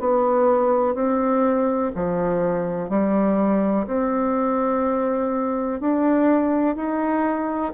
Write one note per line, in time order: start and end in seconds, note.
0.00 0.95 B3
0.95 1.91 C4
1.95 2.89 F3
2.89 3.86 G3
3.87 5.80 C4
5.80 6.76 D4
6.76 7.73 D#4